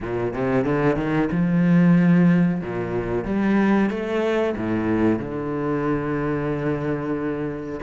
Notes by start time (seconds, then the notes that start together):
0.00 A#2
0.33 C3
0.64 D3
0.96 D#3
1.31 F3
2.61 A#2
3.24 G3
3.90 A3
4.56 A2
5.18 D3